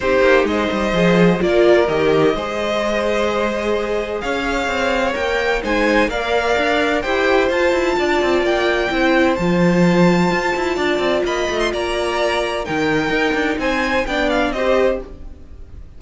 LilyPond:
<<
  \new Staff \with { instrumentName = "violin" } { \time 4/4 \tempo 4 = 128 c''4 dis''2 d''4 | dis''1~ | dis''4 f''2 g''4 | gis''4 f''2 g''4 |
a''2 g''2 | a''1 | b''8. c'''16 ais''2 g''4~ | g''4 gis''4 g''8 f''8 dis''4 | }
  \new Staff \with { instrumentName = "violin" } { \time 4/4 g'4 c''2 ais'4~ | ais'4 c''2.~ | c''4 cis''2. | c''4 d''2 c''4~ |
c''4 d''2 c''4~ | c''2. d''4 | dis''4 d''2 ais'4~ | ais'4 c''4 d''4 c''4 | }
  \new Staff \with { instrumentName = "viola" } { \time 4/4 dis'2 gis'4 f'4 | g'4 gis'2.~ | gis'2. ais'4 | dis'4 ais'2 g'4 |
f'2. e'4 | f'1~ | f'2. dis'4~ | dis'2 d'4 g'4 | }
  \new Staff \with { instrumentName = "cello" } { \time 4/4 c'8 ais8 gis8 g8 f4 ais4 | dis4 gis2.~ | gis4 cis'4 c'4 ais4 | gis4 ais4 d'4 e'4 |
f'8 e'8 d'8 c'8 ais4 c'4 | f2 f'8 e'8 d'8 c'8 | ais8 a8 ais2 dis4 | dis'8 d'8 c'4 b4 c'4 | }
>>